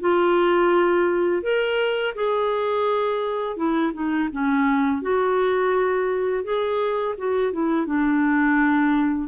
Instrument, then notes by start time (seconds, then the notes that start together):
clarinet
0.00 F4
1.43 A#4
2.15 G#4
3.56 E4
3.93 D#4
4.32 C#4
5.02 F#4
6.44 G#4
7.18 F#4
7.52 E4
7.86 D4